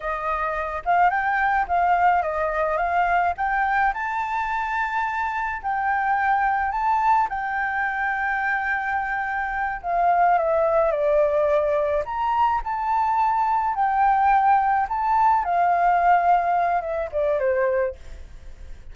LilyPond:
\new Staff \with { instrumentName = "flute" } { \time 4/4 \tempo 4 = 107 dis''4. f''8 g''4 f''4 | dis''4 f''4 g''4 a''4~ | a''2 g''2 | a''4 g''2.~ |
g''4. f''4 e''4 d''8~ | d''4. ais''4 a''4.~ | a''8 g''2 a''4 f''8~ | f''2 e''8 d''8 c''4 | }